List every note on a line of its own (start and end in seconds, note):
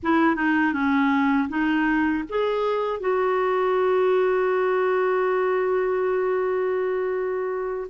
0.02 0.35 E4
0.35 0.73 D#4
0.73 1.48 C#4
1.48 2.23 D#4
2.29 3.00 G#4
3.00 7.87 F#4